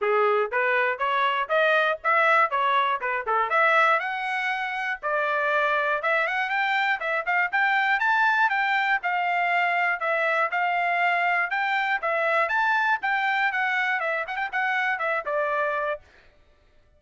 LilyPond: \new Staff \with { instrumentName = "trumpet" } { \time 4/4 \tempo 4 = 120 gis'4 b'4 cis''4 dis''4 | e''4 cis''4 b'8 a'8 e''4 | fis''2 d''2 | e''8 fis''8 g''4 e''8 f''8 g''4 |
a''4 g''4 f''2 | e''4 f''2 g''4 | e''4 a''4 g''4 fis''4 | e''8 fis''16 g''16 fis''4 e''8 d''4. | }